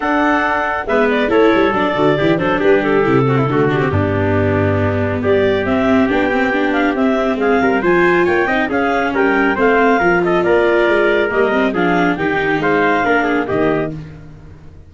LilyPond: <<
  \new Staff \with { instrumentName = "clarinet" } { \time 4/4 \tempo 4 = 138 fis''2 e''8 d''8 cis''4 | d''4. c''8 b'8 a'4.~ | a'8 g'2.~ g'8 | d''4 e''4 g''4. f''8 |
e''4 f''4 gis''4 g''4 | f''4 g''4 f''4. dis''8 | d''2 dis''4 f''4 | g''4 f''2 dis''4 | }
  \new Staff \with { instrumentName = "trumpet" } { \time 4/4 a'2 b'4 a'4~ | a'4 g'8 a'8 g'4. fis'16 e'16 | fis'4 d'2. | g'1~ |
g'4 gis'8 ais'8 c''4 cis''8 dis''8 | gis'4 ais'4 c''4 ais'8 a'8 | ais'2. gis'4 | g'4 c''4 ais'8 gis'8 g'4 | }
  \new Staff \with { instrumentName = "viola" } { \time 4/4 d'2 b4 e'4 | d'8 fis'8 e'8 d'4. e'8 c'8 | a8 d'16 c'16 b2.~ | b4 c'4 d'8 c'8 d'4 |
c'2 f'4. dis'8 | cis'2 c'4 f'4~ | f'2 ais8 c'8 d'4 | dis'2 d'4 ais4 | }
  \new Staff \with { instrumentName = "tuba" } { \time 4/4 d'2 gis4 a8 g8 | fis8 d8 e8 fis8 g4 c4 | d4 g,2. | g4 c'4 b2 |
c'4 gis8 g8 f4 ais8 c'8 | cis'4 g4 a4 f4 | ais4 gis4 g4 f4 | dis4 gis4 ais4 dis4 | }
>>